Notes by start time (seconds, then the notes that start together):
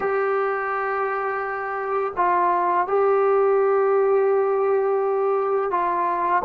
0.00 G4
2.16 F4
2.87 G4
5.70 F4